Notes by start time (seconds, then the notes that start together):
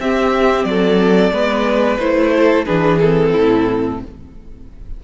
0.00 C4 G4 E5
0.64 F#3 A4 D5
1.31 G#3 B3 B4
1.98 A3 E4 C5
2.35 A4
2.65 E3 D4 G#4 B4
3.00 C4 A4
3.31 A2 E4